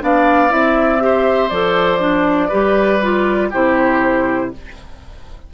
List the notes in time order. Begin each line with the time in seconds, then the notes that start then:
0.00 B3 D4 D5 F5
0.49 C4 E4 E5
0.99 G4 C5
1.49 F3 A4 D5
1.99 D4
2.48 G3 G4 B4
3.02 F4
3.50 C3 E4 G4 C5